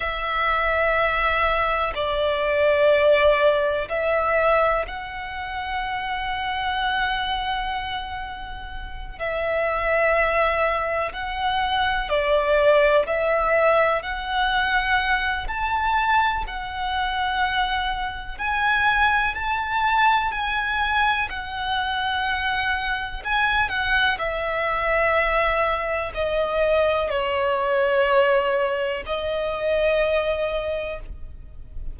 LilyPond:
\new Staff \with { instrumentName = "violin" } { \time 4/4 \tempo 4 = 62 e''2 d''2 | e''4 fis''2.~ | fis''4. e''2 fis''8~ | fis''8 d''4 e''4 fis''4. |
a''4 fis''2 gis''4 | a''4 gis''4 fis''2 | gis''8 fis''8 e''2 dis''4 | cis''2 dis''2 | }